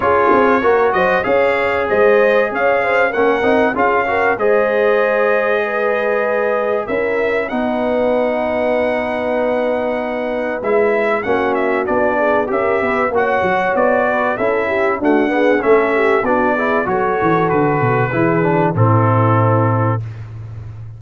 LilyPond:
<<
  \new Staff \with { instrumentName = "trumpet" } { \time 4/4 \tempo 4 = 96 cis''4. dis''8 f''4 dis''4 | f''4 fis''4 f''4 dis''4~ | dis''2. e''4 | fis''1~ |
fis''4 e''4 fis''8 e''8 d''4 | e''4 fis''4 d''4 e''4 | fis''4 e''4 d''4 cis''4 | b'2 a'2 | }
  \new Staff \with { instrumentName = "horn" } { \time 4/4 gis'4 ais'8 c''8 cis''4 c''4 | cis''8 c''8 ais'4 gis'8 ais'8 c''4~ | c''4 b'2 ais'4 | b'1~ |
b'2 fis'4. gis'8 | ais'8 b'8 cis''4. b'8 a'8 g'8 | fis'8 gis'8 a'8 g'8 fis'8 gis'8 a'4~ | a'4 gis'4 e'2 | }
  \new Staff \with { instrumentName = "trombone" } { \time 4/4 f'4 fis'4 gis'2~ | gis'4 cis'8 dis'8 f'8 fis'8 gis'4~ | gis'2. e'4 | dis'1~ |
dis'4 e'4 cis'4 d'4 | g'4 fis'2 e'4 | a8 b8 cis'4 d'8 e'8 fis'4~ | fis'4 e'8 d'8 c'2 | }
  \new Staff \with { instrumentName = "tuba" } { \time 4/4 cis'8 c'8 ais8 fis8 cis'4 gis4 | cis'4 ais8 c'8 cis'4 gis4~ | gis2. cis'4 | b1~ |
b4 gis4 ais4 b4 | cis'8 b8 ais8 fis8 b4 cis'4 | d'4 a4 b4 fis8 e8 | d8 b,8 e4 a,2 | }
>>